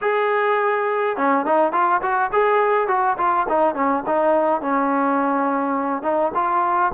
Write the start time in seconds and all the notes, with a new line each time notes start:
0.01 G#4
1.16 C#4
1.45 D#4
1.72 F4
2.02 F#4
2.32 G#4
2.87 F#4
3.17 F4
3.49 D#4
3.74 C#4
4.06 D#4
4.61 C#4
6.02 D#4
6.34 F4